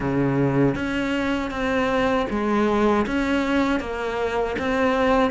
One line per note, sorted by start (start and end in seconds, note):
0.00 0.75 C#3
0.75 1.51 C#4
1.51 2.26 C4
2.30 3.06 G#3
3.06 3.80 C#4
3.80 4.56 A#3
4.58 5.30 C4